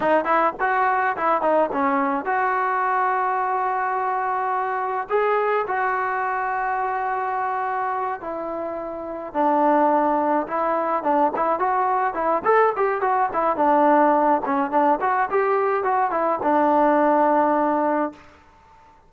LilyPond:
\new Staff \with { instrumentName = "trombone" } { \time 4/4 \tempo 4 = 106 dis'8 e'8 fis'4 e'8 dis'8 cis'4 | fis'1~ | fis'4 gis'4 fis'2~ | fis'2~ fis'8 e'4.~ |
e'8 d'2 e'4 d'8 | e'8 fis'4 e'8 a'8 g'8 fis'8 e'8 | d'4. cis'8 d'8 fis'8 g'4 | fis'8 e'8 d'2. | }